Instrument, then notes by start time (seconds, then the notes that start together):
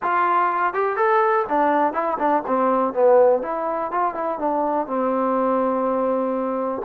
trombone
0.02 F4
0.73 G4
0.96 A4
1.49 D4
1.93 E4
2.18 D4
2.46 C4
2.93 B3
3.42 E4
3.91 F4
4.14 E4
4.38 D4
4.86 C4